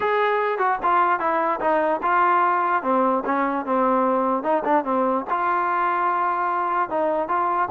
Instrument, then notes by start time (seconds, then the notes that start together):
trombone
0.00 G#4
0.58 F#4
0.82 F4
1.19 E4
1.60 D#4
2.02 F4
2.82 C4
3.25 C#4
3.65 C4
4.43 D#4
4.64 D4
4.84 C4
5.30 F4
6.89 D#4
7.28 F4